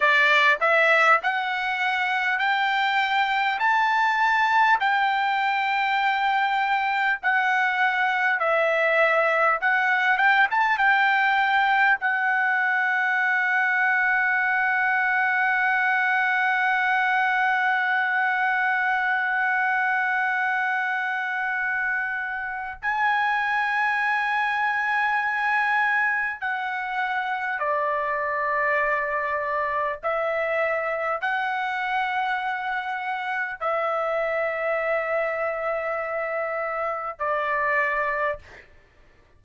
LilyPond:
\new Staff \with { instrumentName = "trumpet" } { \time 4/4 \tempo 4 = 50 d''8 e''8 fis''4 g''4 a''4 | g''2 fis''4 e''4 | fis''8 g''16 a''16 g''4 fis''2~ | fis''1~ |
fis''2. gis''4~ | gis''2 fis''4 d''4~ | d''4 e''4 fis''2 | e''2. d''4 | }